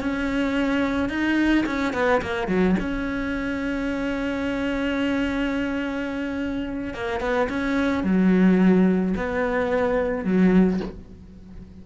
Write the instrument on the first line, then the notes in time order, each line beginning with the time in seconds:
cello
0.00 C#4
1.09 D#4
1.65 C#4
1.93 B3
2.21 A#3
2.47 F#3
2.79 C#4
6.94 A#3
7.20 B3
7.49 C#4
8.03 F#3
9.16 B3
10.24 F#3